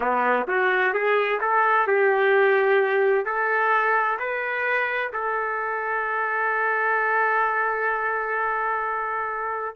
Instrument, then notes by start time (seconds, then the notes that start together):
trumpet
0.00 B3
0.47 F#4
0.93 G#4
1.41 A4
1.87 G4
3.25 A4
4.19 B4
5.12 A4